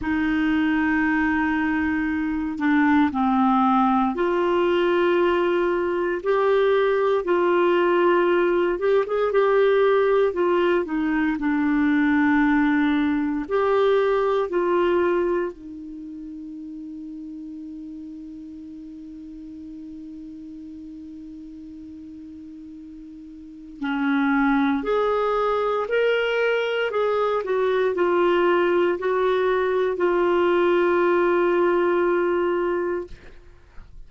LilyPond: \new Staff \with { instrumentName = "clarinet" } { \time 4/4 \tempo 4 = 58 dis'2~ dis'8 d'8 c'4 | f'2 g'4 f'4~ | f'8 g'16 gis'16 g'4 f'8 dis'8 d'4~ | d'4 g'4 f'4 dis'4~ |
dis'1~ | dis'2. cis'4 | gis'4 ais'4 gis'8 fis'8 f'4 | fis'4 f'2. | }